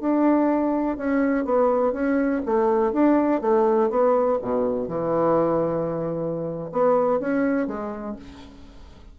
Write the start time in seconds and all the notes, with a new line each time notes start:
0.00 D4
0.97 C#4
1.45 B3
1.93 C#4
2.45 A3
2.92 D4
3.41 A3
3.90 B3
4.41 B2
4.88 E3
6.72 B3
7.20 C#4
7.67 G#3